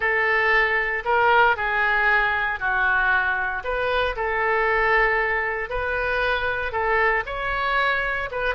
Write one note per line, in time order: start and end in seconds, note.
0.00 1.03 A4
1.04 1.56 A#4
1.56 2.59 G#4
2.59 3.63 F#4
3.63 4.15 B4
4.16 5.69 A4
5.69 6.72 B4
6.72 7.23 A4
7.26 8.29 C#5
8.31 8.54 B4